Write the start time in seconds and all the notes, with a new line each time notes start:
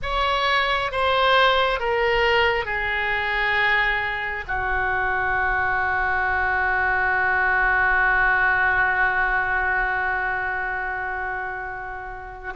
0.02 C#5
0.91 C5
1.79 A#4
2.65 G#4
4.47 F#4